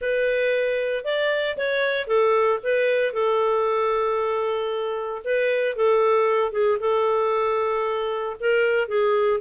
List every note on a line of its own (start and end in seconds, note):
0.01 1.04 B4
1.04 1.56 D5
1.57 2.07 C#5
2.07 2.59 A4
2.63 3.13 B4
3.13 5.22 A4
5.24 5.76 B4
5.76 6.51 A4
6.51 6.78 G#4
6.79 8.36 A4
8.40 8.88 A#4
8.88 9.40 G#4